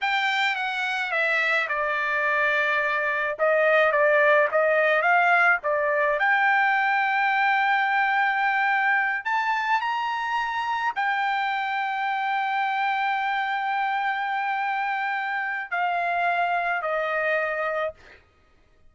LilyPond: \new Staff \with { instrumentName = "trumpet" } { \time 4/4 \tempo 4 = 107 g''4 fis''4 e''4 d''4~ | d''2 dis''4 d''4 | dis''4 f''4 d''4 g''4~ | g''1~ |
g''8 a''4 ais''2 g''8~ | g''1~ | g''1 | f''2 dis''2 | }